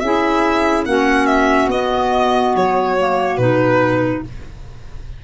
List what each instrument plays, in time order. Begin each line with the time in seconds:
0.00 tuba C#4, clarinet E4, saxophone G#4, violin E5
0.86 tuba A#3, clarinet C#4, saxophone F#4, violin F#5
1.26 violin E5
1.68 tuba B3, clarinet B3, violin D#5
2.56 tuba F#3, violin C#5
2.99 clarinet A#3
3.37 tuba B2, clarinet D#4, violin B4